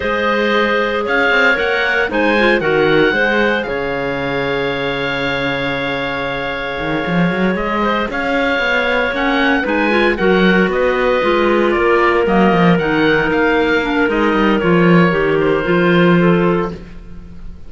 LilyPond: <<
  \new Staff \with { instrumentName = "oboe" } { \time 4/4 \tempo 4 = 115 dis''2 f''4 fis''4 | gis''4 fis''2 f''4~ | f''1~ | f''2~ f''8 dis''4 f''8~ |
f''4. fis''4 gis''4 fis''8~ | fis''8 dis''2 d''4 dis''8~ | dis''8 fis''4 f''4. dis''4 | cis''4. c''2~ c''8 | }
  \new Staff \with { instrumentName = "clarinet" } { \time 4/4 c''2 cis''2 | c''4 ais'4 c''4 cis''4~ | cis''1~ | cis''2. c''8 cis''8~ |
cis''2~ cis''8 b'4 ais'8~ | ais'8 b'2 ais'4.~ | ais'1~ | ais'2. a'4 | }
  \new Staff \with { instrumentName = "clarinet" } { \time 4/4 gis'2. ais'4 | dis'8 f'8 fis'4 gis'2~ | gis'1~ | gis'1~ |
gis'4. cis'4 dis'8 f'8 fis'8~ | fis'4. f'2 ais8~ | ais8 dis'2 d'8 dis'4 | f'4 g'4 f'2 | }
  \new Staff \with { instrumentName = "cello" } { \time 4/4 gis2 cis'8 c'8 ais4 | gis4 dis4 gis4 cis4~ | cis1~ | cis4 dis8 f8 fis8 gis4 cis'8~ |
cis'8 b4 ais4 gis4 fis8~ | fis8 b4 gis4 ais4 fis8 | f8 dis4 ais4. gis8 g8 | f4 dis4 f2 | }
>>